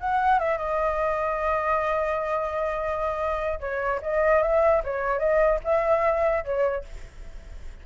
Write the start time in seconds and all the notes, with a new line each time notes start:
0.00 F#5
0.39 E5
0.58 D#5
3.60 C#5
4.02 D#5
4.43 E5
4.84 C#5
5.19 D#5
5.64 E5
6.44 C#5